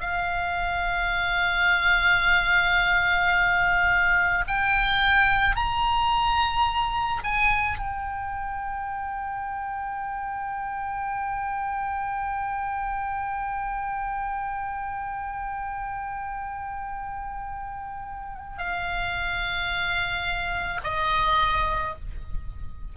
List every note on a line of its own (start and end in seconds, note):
0.00 4.44 F5
4.47 5.56 G5
5.56 7.23 A#5
7.24 7.78 G#5
7.78 18.59 G5
18.59 20.81 F5
20.84 21.95 D#5